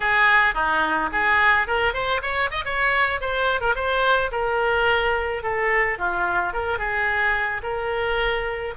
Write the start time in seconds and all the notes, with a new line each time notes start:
0.00 G#4
0.54 D#4
1.12 G#4
1.67 A#4
1.93 C5
2.22 C#5
2.50 D#5
2.64 C#5
3.20 C5
3.61 A#4
3.75 C5
4.31 A#4
5.43 A4
5.98 F4
6.53 A#4
6.78 G#4
7.62 A#4